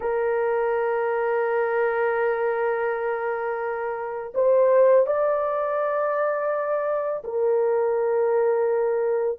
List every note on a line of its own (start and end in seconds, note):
0.00 4.33 A#4
4.34 5.06 C5
5.06 7.23 D5
7.24 9.38 A#4